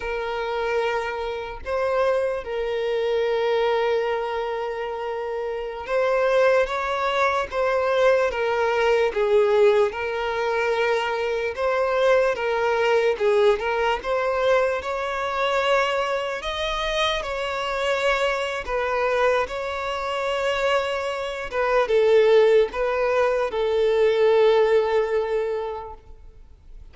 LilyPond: \new Staff \with { instrumentName = "violin" } { \time 4/4 \tempo 4 = 74 ais'2 c''4 ais'4~ | ais'2.~ ais'16 c''8.~ | c''16 cis''4 c''4 ais'4 gis'8.~ | gis'16 ais'2 c''4 ais'8.~ |
ais'16 gis'8 ais'8 c''4 cis''4.~ cis''16~ | cis''16 dis''4 cis''4.~ cis''16 b'4 | cis''2~ cis''8 b'8 a'4 | b'4 a'2. | }